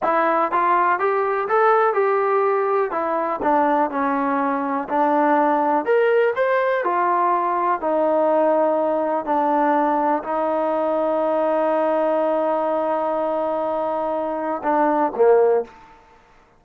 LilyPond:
\new Staff \with { instrumentName = "trombone" } { \time 4/4 \tempo 4 = 123 e'4 f'4 g'4 a'4 | g'2 e'4 d'4 | cis'2 d'2 | ais'4 c''4 f'2 |
dis'2. d'4~ | d'4 dis'2.~ | dis'1~ | dis'2 d'4 ais4 | }